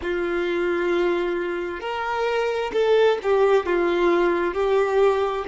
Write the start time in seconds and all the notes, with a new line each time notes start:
0.02 F4
1.80 A#4
2.72 A4
3.22 G4
3.66 F4
4.54 G4